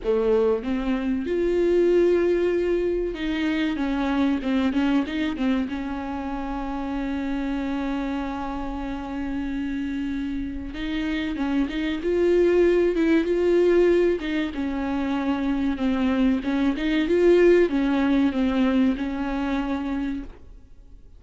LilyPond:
\new Staff \with { instrumentName = "viola" } { \time 4/4 \tempo 4 = 95 a4 c'4 f'2~ | f'4 dis'4 cis'4 c'8 cis'8 | dis'8 c'8 cis'2.~ | cis'1~ |
cis'4 dis'4 cis'8 dis'8 f'4~ | f'8 e'8 f'4. dis'8 cis'4~ | cis'4 c'4 cis'8 dis'8 f'4 | cis'4 c'4 cis'2 | }